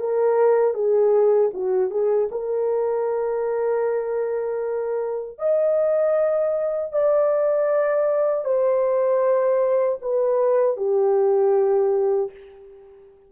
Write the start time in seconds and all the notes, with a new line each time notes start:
0.00 A#4
0.74 G#4
1.54 F#4
1.91 G#4
2.31 A#4
5.39 D#5
6.93 D5
8.45 C5
10.02 B4
10.77 G4